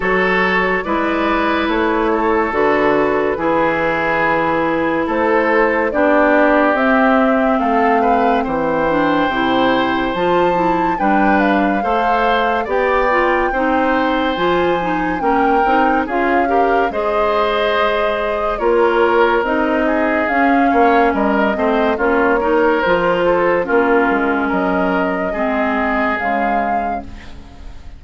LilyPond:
<<
  \new Staff \with { instrumentName = "flute" } { \time 4/4 \tempo 4 = 71 cis''4 d''4 cis''4 b'4~ | b'2 c''4 d''4 | e''4 f''4 g''2 | a''4 g''8 f''4. g''4~ |
g''4 gis''4 g''4 f''4 | dis''2 cis''4 dis''4 | f''4 dis''4 cis''4 c''4 | ais'4 dis''2 f''4 | }
  \new Staff \with { instrumentName = "oboe" } { \time 4/4 a'4 b'4. a'4. | gis'2 a'4 g'4~ | g'4 a'8 b'8 c''2~ | c''4 b'4 c''4 d''4 |
c''2 ais'4 gis'8 ais'8 | c''2 ais'4. gis'8~ | gis'8 cis''8 ais'8 c''8 f'8 ais'4 a'8 | f'4 ais'4 gis'2 | }
  \new Staff \with { instrumentName = "clarinet" } { \time 4/4 fis'4 e'2 fis'4 | e'2. d'4 | c'2~ c'8 d'8 e'4 | f'8 e'8 d'4 a'4 g'8 f'8 |
dis'4 f'8 dis'8 cis'8 dis'8 f'8 g'8 | gis'2 f'4 dis'4 | cis'4. c'8 cis'8 dis'8 f'4 | cis'2 c'4 gis4 | }
  \new Staff \with { instrumentName = "bassoon" } { \time 4/4 fis4 gis4 a4 d4 | e2 a4 b4 | c'4 a4 e4 c4 | f4 g4 a4 b4 |
c'4 f4 ais8 c'8 cis'4 | gis2 ais4 c'4 | cis'8 ais8 g8 a8 ais4 f4 | ais8 gis8 fis4 gis4 cis4 | }
>>